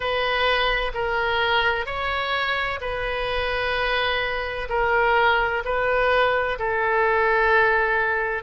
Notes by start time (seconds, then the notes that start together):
0.00 B4
0.94 A#4
1.85 C#5
2.80 B4
4.69 A#4
5.64 B4
6.59 A4